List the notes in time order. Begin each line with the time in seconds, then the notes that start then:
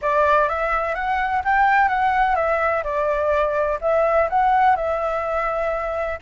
0.01 D5
0.48 E5
0.94 F#5
1.44 G5
1.88 F#5
2.35 E5
2.83 D5
3.81 E5
4.29 F#5
4.76 E5